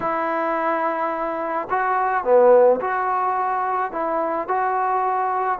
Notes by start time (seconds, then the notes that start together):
0.00 E4
1.70 F#4
2.24 B3
2.80 F#4
3.92 E4
4.47 F#4